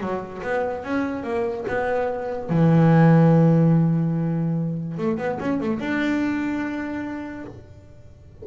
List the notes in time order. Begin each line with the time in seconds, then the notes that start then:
0.00 F#3
0.42 B3
0.83 C#4
1.23 A#3
1.67 B3
2.49 E3
4.97 A3
5.18 B3
5.40 C#4
5.60 A3
5.79 D4